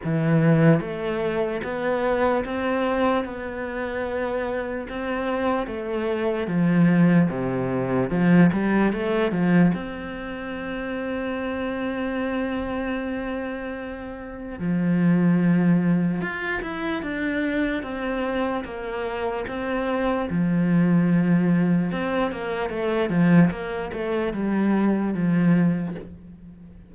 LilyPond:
\new Staff \with { instrumentName = "cello" } { \time 4/4 \tempo 4 = 74 e4 a4 b4 c'4 | b2 c'4 a4 | f4 c4 f8 g8 a8 f8 | c'1~ |
c'2 f2 | f'8 e'8 d'4 c'4 ais4 | c'4 f2 c'8 ais8 | a8 f8 ais8 a8 g4 f4 | }